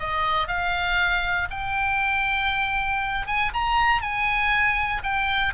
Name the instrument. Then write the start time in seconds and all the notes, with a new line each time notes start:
oboe
0.00 D#5
0.48 F5
1.51 G5
3.27 G#5
3.54 A#5
4.02 G#5
5.04 G5